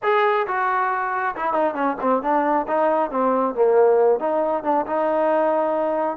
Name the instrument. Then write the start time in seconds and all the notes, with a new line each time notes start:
trombone
0.02 G#4
0.47 F#4
1.35 E4
1.53 D#4
1.74 C#4
2.00 C4
2.22 D4
2.67 D#4
3.10 C4
3.54 A#3
4.19 D#4
4.63 D4
4.86 D#4